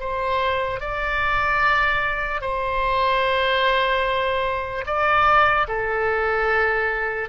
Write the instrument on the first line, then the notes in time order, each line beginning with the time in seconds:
oboe
0.00 C5
0.80 D5
2.41 C5
4.86 D5
5.68 A4